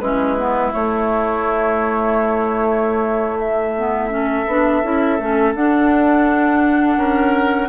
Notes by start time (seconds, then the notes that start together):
0.00 G#3 C#4 E4 B4
0.37 B3
0.72 A3 C#5
3.39 E5
3.77 B3
4.09 C#4 A4
4.47 B3 D4
4.83 C#4 E4
5.19 A3 C#4
5.54 D4 F#5
6.97 C#4 A#4